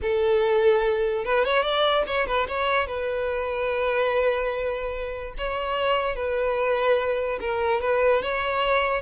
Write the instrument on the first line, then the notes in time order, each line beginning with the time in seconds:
violin
0.01 A4
1.24 B4
1.44 C#5
1.62 D5
2.06 C#5
2.26 B4
2.48 C#5
2.87 B4
5.37 C#5
6.15 B4
7.40 A#4
7.81 B4
8.22 C#5